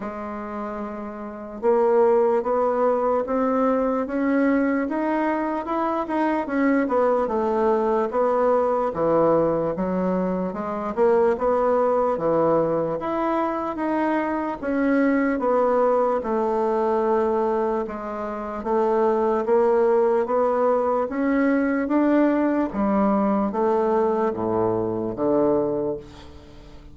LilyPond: \new Staff \with { instrumentName = "bassoon" } { \time 4/4 \tempo 4 = 74 gis2 ais4 b4 | c'4 cis'4 dis'4 e'8 dis'8 | cis'8 b8 a4 b4 e4 | fis4 gis8 ais8 b4 e4 |
e'4 dis'4 cis'4 b4 | a2 gis4 a4 | ais4 b4 cis'4 d'4 | g4 a4 a,4 d4 | }